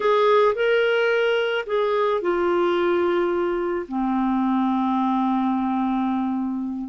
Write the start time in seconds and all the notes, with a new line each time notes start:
0.00 G#4
0.55 A#4
1.66 G#4
2.21 F4
3.88 C4